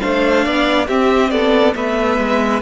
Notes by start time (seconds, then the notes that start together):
0.00 A3 D4 C5 F5
0.45 B3 D5
0.87 C4 G4 E5
1.31 B3 A4 D5
1.74 A3 B3 B4 E5
2.19 G#3